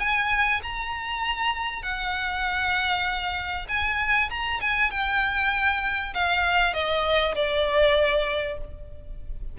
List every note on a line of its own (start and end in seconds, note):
0.00 0.61 G#5
0.63 1.83 A#5
1.83 3.67 F#5
3.69 4.30 G#5
4.30 4.61 A#5
4.61 4.91 G#5
4.91 6.14 G5
6.14 6.74 F5
6.74 7.35 D#5
7.36 8.58 D5